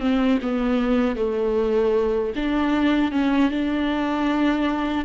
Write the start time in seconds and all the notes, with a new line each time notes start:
0.00 C4
0.42 B3
1.16 A3
2.36 D4
3.12 C#4
3.51 D4